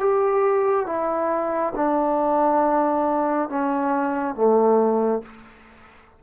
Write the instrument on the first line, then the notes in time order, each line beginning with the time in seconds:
trombone
0.00 G4
0.87 E4
1.76 D4
3.49 C#4
4.35 A3